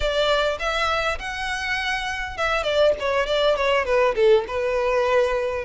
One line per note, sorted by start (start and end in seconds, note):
0.00 0.58 D5
0.59 1.18 E5
1.19 2.37 F#5
2.37 2.63 E5
2.63 2.92 D5
2.99 3.26 C#5
3.26 3.56 D5
3.56 3.85 C#5
3.85 4.14 B4
4.15 4.44 A4
4.47 5.64 B4